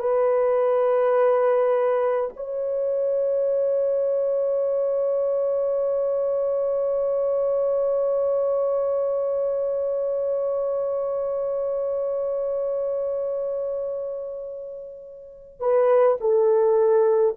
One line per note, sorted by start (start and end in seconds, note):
0.00 2.31 B4
2.37 15.60 C#5
15.60 16.18 B4
16.21 17.36 A4